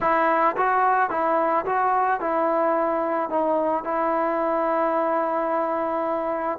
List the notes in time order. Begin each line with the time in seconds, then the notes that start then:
0.01 E4
0.56 F#4
1.10 E4
1.65 F#4
2.20 E4
3.29 D#4
3.84 E4